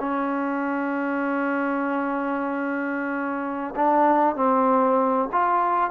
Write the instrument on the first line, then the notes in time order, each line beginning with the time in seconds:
trombone
0.00 C#4
3.76 D4
4.36 C4
5.33 F4